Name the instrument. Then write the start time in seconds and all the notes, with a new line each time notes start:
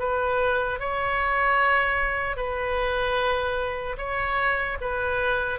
oboe
0.00 B4
0.80 C#5
2.37 B4
3.98 C#5
4.81 B4